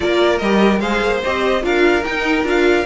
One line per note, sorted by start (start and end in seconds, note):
0.00 0.41 A#3
0.00 0.41 F4
0.00 0.81 A#4
0.00 0.38 D5
0.38 0.80 G3
0.38 0.82 G4
0.38 0.79 D#5
0.79 1.01 G#3
0.79 1.23 G#4
0.79 1.62 C5
0.79 1.20 F5
1.01 1.22 A#3
1.24 1.63 C4
1.24 1.61 G4
1.24 1.64 D#5
1.61 2.04 D4
1.61 2.02 F4
1.61 2.86 A#4
1.61 2.04 F5
2.04 2.43 D#4
2.04 2.44 D#4
2.04 2.45 G5
2.43 2.84 D4
2.43 2.84 F4
2.43 2.86 F5